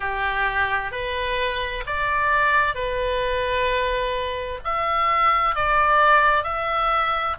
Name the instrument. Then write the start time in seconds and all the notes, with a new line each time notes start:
oboe
0.00 G4
0.91 B4
1.86 D5
2.74 B4
4.64 E5
5.55 D5
6.43 E5